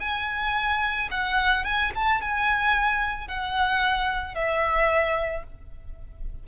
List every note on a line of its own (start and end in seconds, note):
0.00 1.09 G#5
1.11 1.65 F#5
1.65 1.92 G#5
1.95 2.22 A5
2.22 3.28 G#5
3.28 4.34 F#5
4.34 5.43 E5